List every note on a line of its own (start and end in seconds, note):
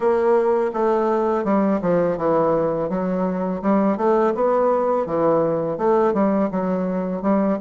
0.00 0.71 A#3
0.73 1.44 A3
1.44 1.80 G3
1.81 2.17 F3
2.17 2.89 E3
2.89 3.61 F#3
3.62 3.97 G3
3.97 4.33 A3
4.34 5.06 B3
5.06 5.77 E3
5.77 6.13 A3
6.13 6.49 G3
6.51 7.22 F#3
7.22 7.58 G3